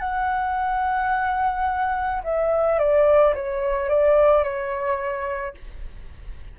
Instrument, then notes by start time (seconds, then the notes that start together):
flute
0.00 F#5
2.24 E5
2.79 D5
3.35 C#5
3.89 D5
4.43 C#5